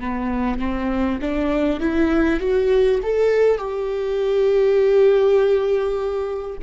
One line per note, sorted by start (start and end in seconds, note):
0.00 0.59 B3
0.59 1.19 C4
1.21 1.80 D4
1.80 2.40 E4
2.40 3.00 F#4
3.03 3.58 A4
3.58 6.58 G4